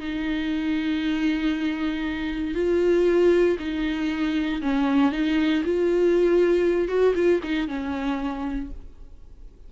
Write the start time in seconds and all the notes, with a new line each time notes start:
0.00 D#4
2.55 F4
3.59 D#4
4.62 C#4
5.12 D#4
5.65 F4
6.89 F#4
7.15 F4
7.43 D#4
7.68 C#4